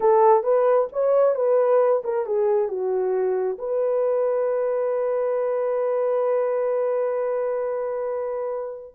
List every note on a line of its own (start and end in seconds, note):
0.00 0.43 A4
0.43 0.87 B4
0.92 1.35 C#5
1.35 2.02 B4
2.04 2.26 A#4
2.26 2.68 G#4
2.68 3.57 F#4
3.58 8.94 B4